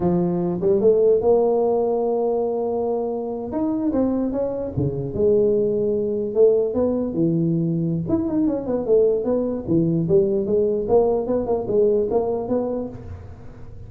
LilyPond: \new Staff \with { instrumentName = "tuba" } { \time 4/4 \tempo 4 = 149 f4. g8 a4 ais4~ | ais1~ | ais8. dis'4 c'4 cis'4 cis16~ | cis8. gis2. a16~ |
a8. b4 e2~ e16 | e'8 dis'8 cis'8 b8 a4 b4 | e4 g4 gis4 ais4 | b8 ais8 gis4 ais4 b4 | }